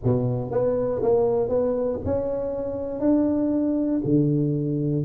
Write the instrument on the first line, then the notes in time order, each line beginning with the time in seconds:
tuba
0.03 B2
0.51 B3
1.02 A#3
1.48 B3
2.05 C#4
3.00 D4
4.04 D3